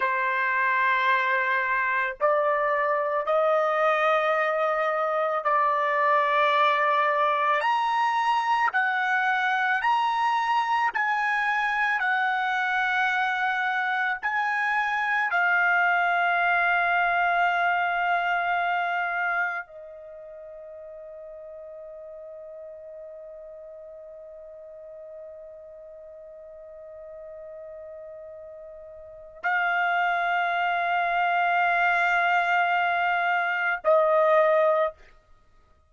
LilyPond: \new Staff \with { instrumentName = "trumpet" } { \time 4/4 \tempo 4 = 55 c''2 d''4 dis''4~ | dis''4 d''2 ais''4 | fis''4 ais''4 gis''4 fis''4~ | fis''4 gis''4 f''2~ |
f''2 dis''2~ | dis''1~ | dis''2. f''4~ | f''2. dis''4 | }